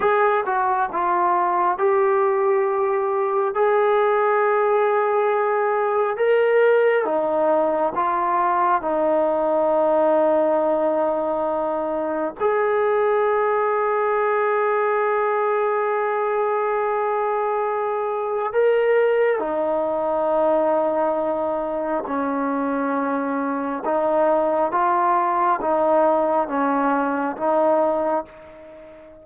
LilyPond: \new Staff \with { instrumentName = "trombone" } { \time 4/4 \tempo 4 = 68 gis'8 fis'8 f'4 g'2 | gis'2. ais'4 | dis'4 f'4 dis'2~ | dis'2 gis'2~ |
gis'1~ | gis'4 ais'4 dis'2~ | dis'4 cis'2 dis'4 | f'4 dis'4 cis'4 dis'4 | }